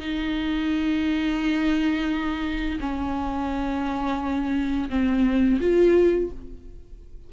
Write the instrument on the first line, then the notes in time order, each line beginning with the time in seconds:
viola
0.00 D#4
2.80 C#4
4.90 C4
5.61 F4